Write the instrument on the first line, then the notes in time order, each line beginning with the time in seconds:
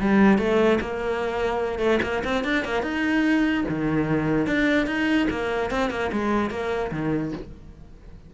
cello
0.00 G3
0.38 A3
0.80 A#3
1.79 A3
2.02 A#3
2.24 C4
2.44 D4
2.64 A#3
2.82 D#4
3.69 D#3
4.46 D4
4.86 D#4
5.30 A#3
5.71 C4
5.90 A#3
6.12 G#3
6.50 A#3
6.91 D#3